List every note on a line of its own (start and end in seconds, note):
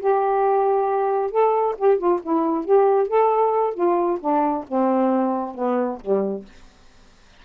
0.00 1.31 G4
1.31 1.76 A4
1.78 1.98 G4
1.98 2.20 F4
2.23 2.65 E4
2.65 3.08 G4
3.08 3.74 A4
3.74 4.19 F4
4.20 4.65 D4
4.68 5.55 C4
5.55 5.99 B3
6.01 6.45 G3